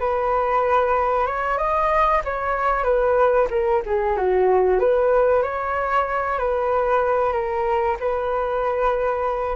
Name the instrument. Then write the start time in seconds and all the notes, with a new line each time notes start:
flute
0.00 B4
1.26 C#5
1.58 D#5
2.25 C#5
2.84 B4
3.50 A#4
3.86 G#4
4.17 F#4
4.80 B4
5.43 C#5
6.39 B4
7.33 A#4
8.00 B4